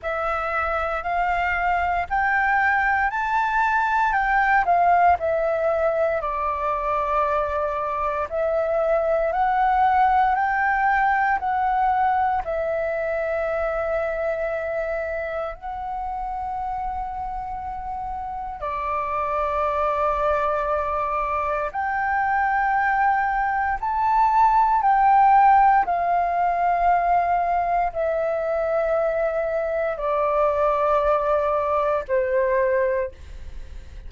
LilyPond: \new Staff \with { instrumentName = "flute" } { \time 4/4 \tempo 4 = 58 e''4 f''4 g''4 a''4 | g''8 f''8 e''4 d''2 | e''4 fis''4 g''4 fis''4 | e''2. fis''4~ |
fis''2 d''2~ | d''4 g''2 a''4 | g''4 f''2 e''4~ | e''4 d''2 c''4 | }